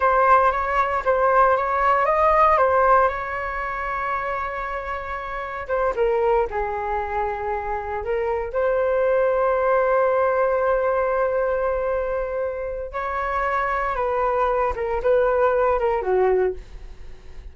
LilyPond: \new Staff \with { instrumentName = "flute" } { \time 4/4 \tempo 4 = 116 c''4 cis''4 c''4 cis''4 | dis''4 c''4 cis''2~ | cis''2. c''8 ais'8~ | ais'8 gis'2. ais'8~ |
ais'8 c''2.~ c''8~ | c''1~ | c''4 cis''2 b'4~ | b'8 ais'8 b'4. ais'8 fis'4 | }